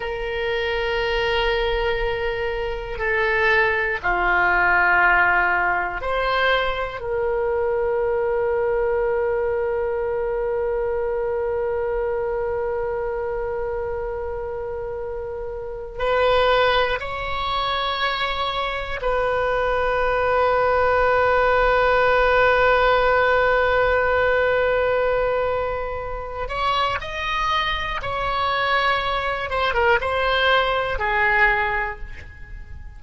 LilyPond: \new Staff \with { instrumentName = "oboe" } { \time 4/4 \tempo 4 = 60 ais'2. a'4 | f'2 c''4 ais'4~ | ais'1~ | ais'1 |
b'4 cis''2 b'4~ | b'1~ | b'2~ b'8 cis''8 dis''4 | cis''4. c''16 ais'16 c''4 gis'4 | }